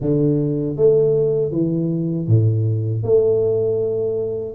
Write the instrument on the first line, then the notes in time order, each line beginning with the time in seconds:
tuba
0.00 D3
0.76 A3
1.51 E3
2.27 A2
3.03 A3